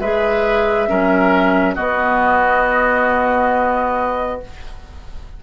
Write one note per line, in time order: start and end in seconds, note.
0.00 0.88 G#3
0.00 0.88 G#4
0.00 0.89 B4
0.00 1.76 E5
0.88 1.78 F#3
0.88 1.76 C#4
0.88 1.75 A#4
1.75 4.42 B3
1.75 4.43 B3
1.75 4.40 F#4
1.75 4.40 D#5